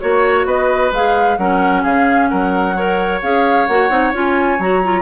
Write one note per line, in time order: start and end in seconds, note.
0.00 0.46 A#3
0.00 0.92 F#4
0.00 0.46 C#5
0.00 0.47 C#5
0.46 0.92 B3
0.46 1.39 B4
0.46 0.93 D#5
0.92 1.38 G#3
0.92 1.39 G#4
0.92 1.38 F5
1.38 1.84 F#3
1.38 2.76 C#4
1.38 1.83 A#4
1.38 1.84 F#5
1.83 2.31 C#3
1.83 2.29 G#4
1.83 2.29 F5
2.29 3.23 F#3
2.29 2.76 A#4
2.29 3.21 F#5
2.76 3.23 A#4
2.76 5.02 C#5
3.23 3.69 C#4
3.23 3.69 G#4
3.23 3.67 F5
3.67 3.90 A#3
3.67 3.90 F#4
3.67 4.13 F#5
3.90 4.13 C4
3.90 4.13 D#4
4.13 4.59 C#4
4.13 4.60 F4
4.13 4.62 G#5
4.59 5.02 F#3
4.59 4.84 F#4
4.59 5.02 A#5
4.84 5.02 F4